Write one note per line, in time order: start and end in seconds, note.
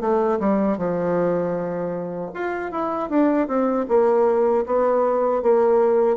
0.00 0.39 A3
0.40 0.77 G3
0.77 2.31 F3
2.34 2.71 F4
2.71 3.09 E4
3.09 3.47 D4
3.47 3.86 C4
3.88 4.65 A#3
4.66 5.42 B3
5.42 6.17 A#3